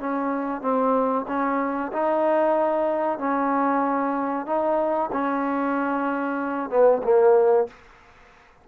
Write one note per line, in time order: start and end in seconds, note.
0.00 0.62 C#4
0.62 1.25 C4
1.28 1.92 C#4
1.92 3.19 D#4
3.19 4.46 C#4
4.46 5.10 D#4
5.12 6.70 C#4
6.70 7.02 B3
7.04 7.67 A#3